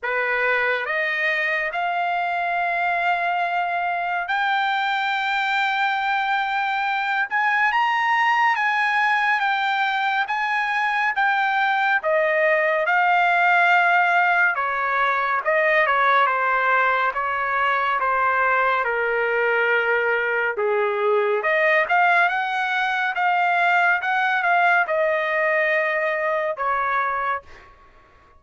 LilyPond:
\new Staff \with { instrumentName = "trumpet" } { \time 4/4 \tempo 4 = 70 b'4 dis''4 f''2~ | f''4 g''2.~ | g''8 gis''8 ais''4 gis''4 g''4 | gis''4 g''4 dis''4 f''4~ |
f''4 cis''4 dis''8 cis''8 c''4 | cis''4 c''4 ais'2 | gis'4 dis''8 f''8 fis''4 f''4 | fis''8 f''8 dis''2 cis''4 | }